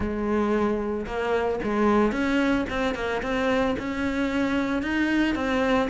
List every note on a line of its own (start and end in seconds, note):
0.00 1.06 G#3
1.06 1.59 A#3
1.63 2.12 G#3
2.12 2.65 C#4
2.69 2.94 C4
2.94 3.21 A#3
3.22 3.76 C4
3.78 4.82 C#4
4.82 5.35 D#4
5.35 5.88 C4